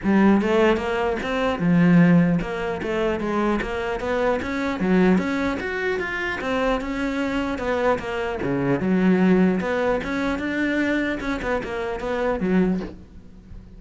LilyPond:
\new Staff \with { instrumentName = "cello" } { \time 4/4 \tempo 4 = 150 g4 a4 ais4 c'4 | f2 ais4 a4 | gis4 ais4 b4 cis'4 | fis4 cis'4 fis'4 f'4 |
c'4 cis'2 b4 | ais4 cis4 fis2 | b4 cis'4 d'2 | cis'8 b8 ais4 b4 fis4 | }